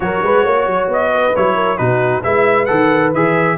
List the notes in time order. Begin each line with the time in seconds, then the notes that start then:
0.00 F#3 F#4 A#4 C#5
0.22 G#3 B4
0.43 A#3 C#5
0.66 F#3
0.87 B3 D#5
1.12 B4
1.35 F#3 E4 C#5
1.55 A#4
1.77 B2 D#4 F#4 B4
2.22 G#3 E4 B4 E5
2.65 D#3 A4 F#5
3.13 E3 G#4 E5